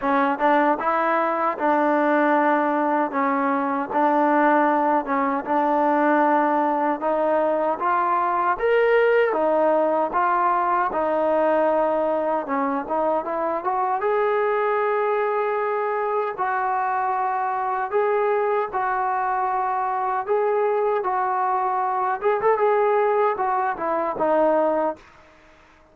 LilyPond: \new Staff \with { instrumentName = "trombone" } { \time 4/4 \tempo 4 = 77 cis'8 d'8 e'4 d'2 | cis'4 d'4. cis'8 d'4~ | d'4 dis'4 f'4 ais'4 | dis'4 f'4 dis'2 |
cis'8 dis'8 e'8 fis'8 gis'2~ | gis'4 fis'2 gis'4 | fis'2 gis'4 fis'4~ | fis'8 gis'16 a'16 gis'4 fis'8 e'8 dis'4 | }